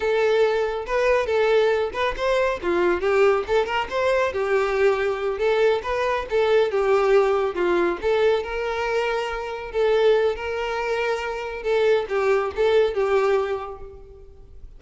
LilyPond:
\new Staff \with { instrumentName = "violin" } { \time 4/4 \tempo 4 = 139 a'2 b'4 a'4~ | a'8 b'8 c''4 f'4 g'4 | a'8 ais'8 c''4 g'2~ | g'8 a'4 b'4 a'4 g'8~ |
g'4. f'4 a'4 ais'8~ | ais'2~ ais'8 a'4. | ais'2. a'4 | g'4 a'4 g'2 | }